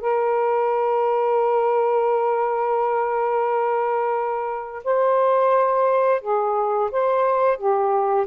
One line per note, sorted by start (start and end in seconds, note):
0.00 4.83 A#4
4.83 6.21 C5
6.21 6.90 G#4
6.91 7.57 C5
7.57 8.26 G4